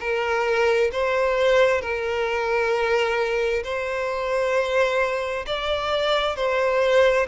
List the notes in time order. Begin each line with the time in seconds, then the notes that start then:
0.00 A#4
0.92 C5
1.81 A#4
3.64 C5
5.46 D5
6.36 C5